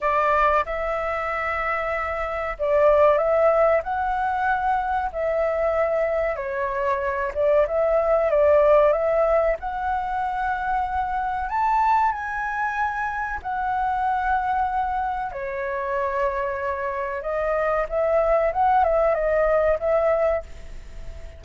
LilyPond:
\new Staff \with { instrumentName = "flute" } { \time 4/4 \tempo 4 = 94 d''4 e''2. | d''4 e''4 fis''2 | e''2 cis''4. d''8 | e''4 d''4 e''4 fis''4~ |
fis''2 a''4 gis''4~ | gis''4 fis''2. | cis''2. dis''4 | e''4 fis''8 e''8 dis''4 e''4 | }